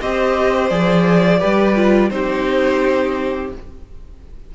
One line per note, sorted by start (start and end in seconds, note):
0.00 0.70 C4
0.00 0.70 G4
0.00 1.39 C5
0.00 0.69 D#5
0.69 1.41 F3
0.69 1.39 G#4
0.69 2.10 D5
1.39 2.10 G3
1.39 1.74 G4
1.39 2.09 B4
1.75 2.10 F4
2.10 3.51 C4
2.10 3.51 D#4
2.10 3.54 G4
2.10 3.51 C5